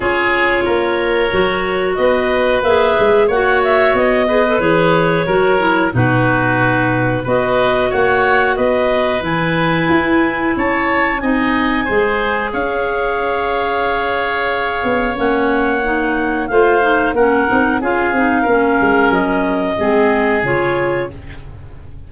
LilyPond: <<
  \new Staff \with { instrumentName = "clarinet" } { \time 4/4 \tempo 4 = 91 cis''2. dis''4 | e''4 fis''8 e''8 dis''4 cis''4~ | cis''4 b'2 dis''4 | fis''4 dis''4 gis''2 |
a''4 gis''2 f''4~ | f''2. fis''4~ | fis''4 f''4 fis''4 f''4~ | f''4 dis''2 cis''4 | }
  \new Staff \with { instrumentName = "oboe" } { \time 4/4 gis'4 ais'2 b'4~ | b'4 cis''4. b'4. | ais'4 fis'2 b'4 | cis''4 b'2. |
cis''4 dis''4 c''4 cis''4~ | cis''1~ | cis''4 c''4 ais'4 gis'4 | ais'2 gis'2 | }
  \new Staff \with { instrumentName = "clarinet" } { \time 4/4 f'2 fis'2 | gis'4 fis'4. gis'16 a'16 gis'4 | fis'8 e'8 dis'2 fis'4~ | fis'2 e'2~ |
e'4 dis'4 gis'2~ | gis'2. cis'4 | dis'4 f'8 dis'8 cis'8 dis'8 f'8 dis'8 | cis'2 c'4 f'4 | }
  \new Staff \with { instrumentName = "tuba" } { \time 4/4 cis'4 ais4 fis4 b4 | ais8 gis8 ais4 b4 e4 | fis4 b,2 b4 | ais4 b4 e4 e'4 |
cis'4 c'4 gis4 cis'4~ | cis'2~ cis'8 b8 ais4~ | ais4 a4 ais8 c'8 cis'8 c'8 | ais8 gis8 fis4 gis4 cis4 | }
>>